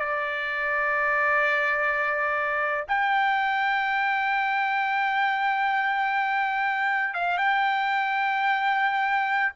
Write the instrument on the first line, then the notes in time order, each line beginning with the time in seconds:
trumpet
0.00 D5
2.88 G5
7.14 F5
7.38 G5